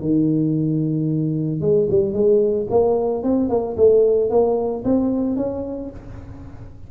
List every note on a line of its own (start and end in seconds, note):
0.00 1.60 D#3
1.60 1.87 G#3
1.90 2.13 G3
2.13 2.66 G#3
2.70 3.23 A#3
3.23 3.49 C4
3.49 3.75 A#3
3.76 4.30 A3
4.30 4.83 A#3
4.84 5.36 C4
5.36 5.90 C#4